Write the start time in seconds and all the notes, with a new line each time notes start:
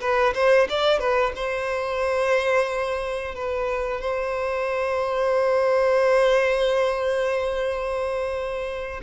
0.00 B4
0.34 C5
0.69 D5
0.99 B4
1.35 C5
3.35 B4
4.01 C5